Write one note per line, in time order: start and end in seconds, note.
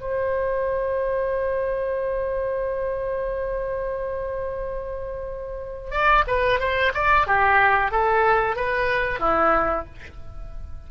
0.00 5.91 C5
5.91 6.24 D5
6.27 6.59 B4
6.59 6.92 C5
6.94 7.26 D5
7.26 7.91 G4
7.91 8.56 A4
8.56 9.19 B4
9.19 9.85 E4